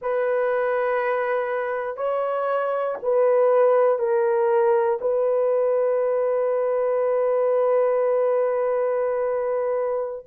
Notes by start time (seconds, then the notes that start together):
0.01 B4
1.96 C#5
3.02 B4
3.98 A#4
5.00 B4